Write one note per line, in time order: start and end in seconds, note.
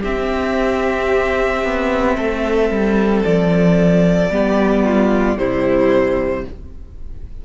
0.00 1.63 C4
0.00 4.31 C4
0.00 2.14 G4
0.00 3.25 E5
1.63 2.17 B3
2.17 2.70 A3
2.17 4.31 A4
2.70 3.24 G3
3.25 4.29 F3
3.25 5.37 D5
4.29 5.36 G3
4.29 5.37 B3
4.29 4.84 G4
4.84 5.38 F4
5.36 6.44 C3
5.36 6.45 G3
5.36 6.45 E4
5.36 6.45 C5